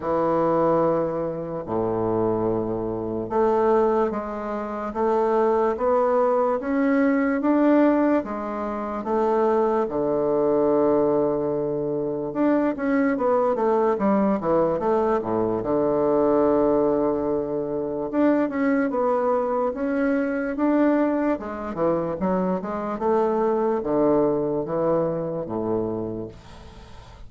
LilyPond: \new Staff \with { instrumentName = "bassoon" } { \time 4/4 \tempo 4 = 73 e2 a,2 | a4 gis4 a4 b4 | cis'4 d'4 gis4 a4 | d2. d'8 cis'8 |
b8 a8 g8 e8 a8 a,8 d4~ | d2 d'8 cis'8 b4 | cis'4 d'4 gis8 e8 fis8 gis8 | a4 d4 e4 a,4 | }